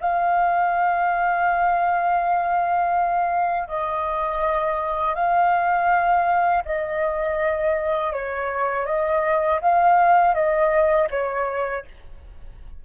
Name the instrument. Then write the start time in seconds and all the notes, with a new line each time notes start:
flute
0.00 F5
3.68 D#5
5.14 F5
6.65 D#5
8.12 C#5
8.86 D#5
9.61 F5
10.34 D#5
11.10 C#5